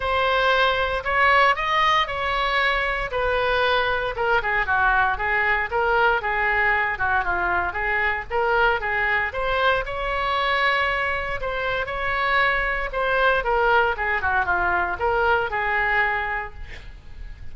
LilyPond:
\new Staff \with { instrumentName = "oboe" } { \time 4/4 \tempo 4 = 116 c''2 cis''4 dis''4 | cis''2 b'2 | ais'8 gis'8 fis'4 gis'4 ais'4 | gis'4. fis'8 f'4 gis'4 |
ais'4 gis'4 c''4 cis''4~ | cis''2 c''4 cis''4~ | cis''4 c''4 ais'4 gis'8 fis'8 | f'4 ais'4 gis'2 | }